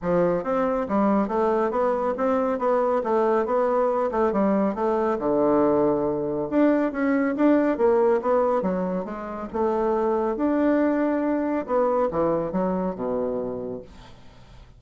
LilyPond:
\new Staff \with { instrumentName = "bassoon" } { \time 4/4 \tempo 4 = 139 f4 c'4 g4 a4 | b4 c'4 b4 a4 | b4. a8 g4 a4 | d2. d'4 |
cis'4 d'4 ais4 b4 | fis4 gis4 a2 | d'2. b4 | e4 fis4 b,2 | }